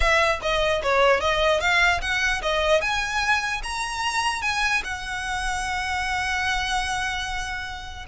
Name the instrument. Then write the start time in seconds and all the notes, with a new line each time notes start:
violin
0.00 E5
0.41 D#5
0.83 C#5
1.20 D#5
1.60 F5
2.01 F#5
2.42 D#5
2.81 G#5
3.63 A#5
4.42 G#5
4.84 F#5